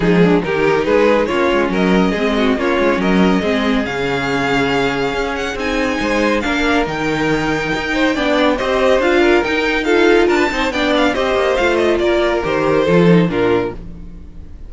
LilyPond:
<<
  \new Staff \with { instrumentName = "violin" } { \time 4/4 \tempo 4 = 140 gis'4 ais'4 b'4 cis''4 | dis''2 cis''4 dis''4~ | dis''4 f''2.~ | f''8 fis''8 gis''2 f''4 |
g''1 | dis''4 f''4 g''4 f''4 | a''4 g''8 f''8 dis''4 f''8 dis''8 | d''4 c''2 ais'4 | }
  \new Staff \with { instrumentName = "violin" } { \time 4/4 dis'8 d'8 g'4 gis'4 f'4 | ais'4 gis'8 fis'8 f'4 ais'4 | gis'1~ | gis'2 c''4 ais'4~ |
ais'2~ ais'8 c''8 d''4 | c''4. ais'4. a'4 | ais'16 b'16 c''8 d''4 c''2 | ais'2 a'4 f'4 | }
  \new Staff \with { instrumentName = "viola" } { \time 4/4 gis4 dis'2 cis'4~ | cis'4 c'4 cis'2 | c'4 cis'2.~ | cis'4 dis'2 d'4 |
dis'2. d'4 | g'4 f'4 dis'4 f'4~ | f'8 dis'8 d'4 g'4 f'4~ | f'4 g'4 f'8 dis'8 d'4 | }
  \new Staff \with { instrumentName = "cello" } { \time 4/4 f4 dis4 gis4 ais8 gis8 | fis4 gis4 ais8 gis8 fis4 | gis4 cis2. | cis'4 c'4 gis4 ais4 |
dis2 dis'4 b4 | c'4 d'4 dis'2 | d'8 c'8 b4 c'8 ais8 a4 | ais4 dis4 f4 ais,4 | }
>>